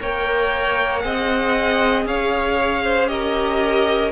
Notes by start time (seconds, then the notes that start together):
0.00 A#3 A#4 C#5 G5
0.99 C4 G#4 D#5 F#5
2.06 C#4 C#5 F5
2.84 C5
3.07 G4 A#4 D#5